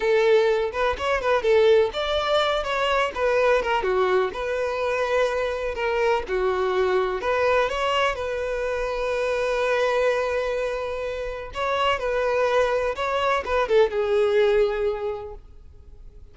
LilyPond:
\new Staff \with { instrumentName = "violin" } { \time 4/4 \tempo 4 = 125 a'4. b'8 cis''8 b'8 a'4 | d''4. cis''4 b'4 ais'8 | fis'4 b'2. | ais'4 fis'2 b'4 |
cis''4 b'2.~ | b'1 | cis''4 b'2 cis''4 | b'8 a'8 gis'2. | }